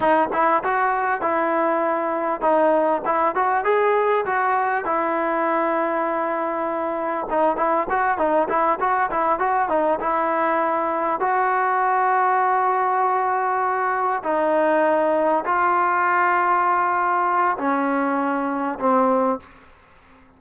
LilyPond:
\new Staff \with { instrumentName = "trombone" } { \time 4/4 \tempo 4 = 99 dis'8 e'8 fis'4 e'2 | dis'4 e'8 fis'8 gis'4 fis'4 | e'1 | dis'8 e'8 fis'8 dis'8 e'8 fis'8 e'8 fis'8 |
dis'8 e'2 fis'4.~ | fis'2.~ fis'8 dis'8~ | dis'4. f'2~ f'8~ | f'4 cis'2 c'4 | }